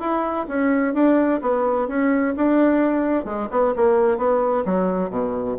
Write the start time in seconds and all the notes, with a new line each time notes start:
0.00 E4
0.48 C#4
0.94 D4
1.42 B3
1.88 C#4
2.37 D4
3.25 G#3
3.51 B3
3.76 A#3
4.18 B3
4.65 F#3
5.10 B2